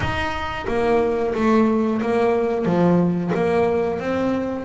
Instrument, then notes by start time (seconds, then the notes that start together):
double bass
0.00 D#4
0.67 A#3
1.34 A3
2.01 A#3
2.65 F3
3.34 A#3
3.99 C4